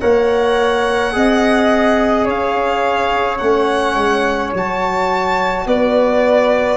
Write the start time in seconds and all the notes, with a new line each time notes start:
0.00 A#3 A#4 C#5 F#5
1.12 C4 G#4 D#5
2.25 C#4 C#5 F5
3.37 A3 C#4 F#5
3.95 G#3
4.54 F#3 F#4 A5
5.66 B3 B4 D5